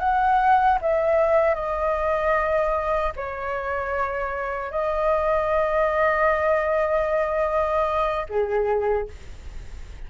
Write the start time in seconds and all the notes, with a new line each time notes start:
0.00 F#5
0.82 E5
1.55 D#5
3.17 C#5
4.72 D#5
8.29 G#4